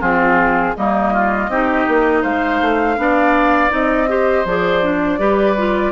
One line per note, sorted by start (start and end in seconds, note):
0.00 0.75 F3
0.00 0.74 C4
0.00 0.74 F4
0.00 0.75 G#4
0.76 1.48 G3
0.76 1.51 A#3
0.76 1.13 D#4
0.76 2.23 D#5
1.13 1.50 F4
1.48 1.85 C4
1.48 2.97 D#4
1.48 2.21 G4
1.87 2.24 A#3
2.21 2.61 G#3
2.21 2.96 C5
2.21 3.71 F5
2.61 2.97 A3
2.97 3.71 B3
2.97 3.69 D4
2.97 4.09 D5
3.69 4.45 C4
3.69 4.06 D#4
3.69 4.46 D#5
4.08 4.45 G4
4.08 5.19 C5
4.45 5.18 F3
4.45 4.82 G#4
4.45 5.92 D5
4.82 5.19 D4
5.18 5.92 G3
5.18 5.56 G4
5.18 5.92 B4
5.57 5.92 F4